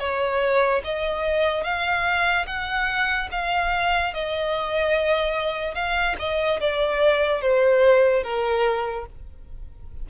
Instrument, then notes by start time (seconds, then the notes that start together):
violin
0.00 C#5
0.84 D#5
1.64 F5
2.47 F#5
3.32 F5
4.14 D#5
5.75 F5
6.19 D#5
6.61 D5
7.42 C5
8.24 A#4